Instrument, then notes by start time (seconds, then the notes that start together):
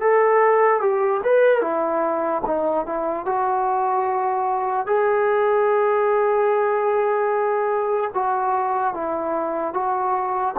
trombone
0.00 A4
0.80 G4
1.23 B4
1.61 E4
2.46 D#4
2.86 E4
3.25 F#4
4.86 G#4
8.14 F#4
8.94 E4
9.73 F#4